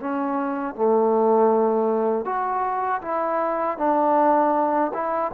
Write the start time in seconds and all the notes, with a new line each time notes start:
0.00 C#4
0.75 A3
2.25 F#4
3.02 E4
3.78 D4
4.94 E4